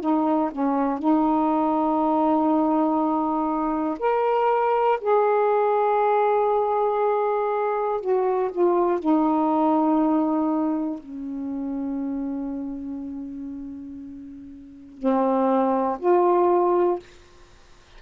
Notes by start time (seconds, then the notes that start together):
0.00 D#4
0.51 C#4
0.98 D#4
3.99 A#4
5.00 G#4
8.00 F#4
8.51 F4
9.00 D#4
11.00 C#4
14.98 C4
15.99 F4